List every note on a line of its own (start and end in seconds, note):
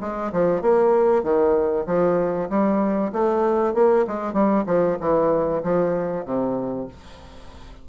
0.00 0.31 G#3
0.32 0.61 F3
0.61 1.23 A#3
1.23 1.85 D#3
1.86 2.49 F3
2.49 3.12 G3
3.12 3.74 A3
3.74 4.05 A#3
4.07 4.33 G#3
4.33 4.64 G3
4.66 4.97 F3
5.00 5.62 E3
5.63 6.25 F3
6.25 6.88 C3